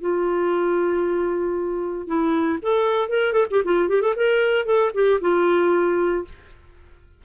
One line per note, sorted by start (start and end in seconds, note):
0.00 2.07 F4
2.07 2.59 E4
2.62 3.08 A4
3.08 3.33 A#4
3.33 3.46 A4
3.50 3.63 G4
3.64 3.88 F4
3.88 4.01 G4
4.01 4.14 A4
4.15 4.65 A#4
4.65 4.91 A4
4.94 5.20 G4
5.20 6.24 F4